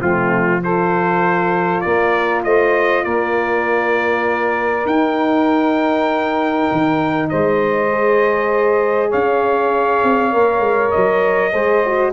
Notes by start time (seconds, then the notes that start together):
0.00 F3 A3 C4 F4
0.64 F4 A4 C5
1.81 A#3 A#4 D5
2.44 A3 C5 D#5
3.05 A#3 A#4 D5
4.86 D#4 G5
6.72 D#3
7.30 G#3 C5 D#5
7.90 G#4
9.09 C#4 C#5 F5
10.04 C4
10.33 A#3 A#4
10.60 G#3
10.92 F#3 D#5
11.52 G#3 G#4 C5
11.86 F#4